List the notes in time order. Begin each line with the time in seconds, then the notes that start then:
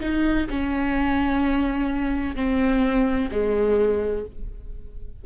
0.00 D#4
0.50 C#4
2.36 C4
3.31 G#3